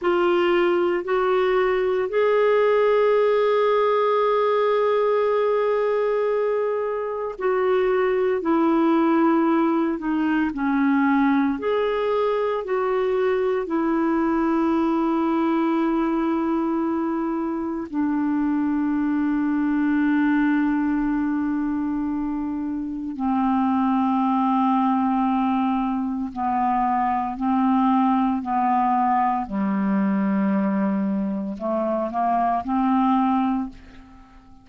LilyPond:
\new Staff \with { instrumentName = "clarinet" } { \time 4/4 \tempo 4 = 57 f'4 fis'4 gis'2~ | gis'2. fis'4 | e'4. dis'8 cis'4 gis'4 | fis'4 e'2.~ |
e'4 d'2.~ | d'2 c'2~ | c'4 b4 c'4 b4 | g2 a8 ais8 c'4 | }